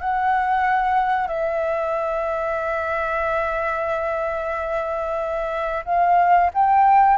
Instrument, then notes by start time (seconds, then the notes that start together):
flute
0.00 F#5
1.27 E5
5.85 F5
6.54 G5